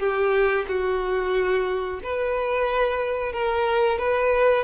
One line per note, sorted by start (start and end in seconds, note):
0.00 0.66 G4
0.69 2.01 F#4
2.04 3.33 B4
3.33 3.99 A#4
3.99 4.65 B4